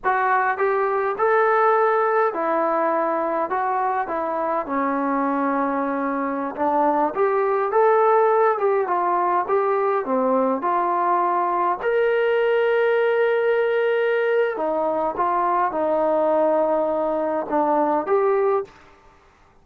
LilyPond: \new Staff \with { instrumentName = "trombone" } { \time 4/4 \tempo 4 = 103 fis'4 g'4 a'2 | e'2 fis'4 e'4 | cis'2.~ cis'16 d'8.~ | d'16 g'4 a'4. g'8 f'8.~ |
f'16 g'4 c'4 f'4.~ f'16~ | f'16 ais'2.~ ais'8.~ | ais'4 dis'4 f'4 dis'4~ | dis'2 d'4 g'4 | }